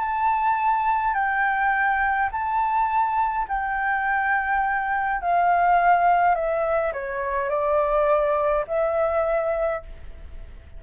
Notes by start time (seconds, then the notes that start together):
0.00 A5
1.15 G5
2.32 A5
3.49 G5
5.22 F5
6.35 E5
6.93 C#5
7.50 D5
8.68 E5